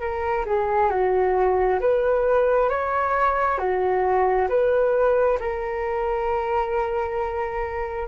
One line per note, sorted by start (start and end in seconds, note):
0.00 0.45 A#4
0.46 0.90 G#4
0.90 1.80 F#4
1.80 2.69 B4
2.69 3.58 C#5
3.58 4.48 F#4
4.49 5.39 B4
5.39 8.08 A#4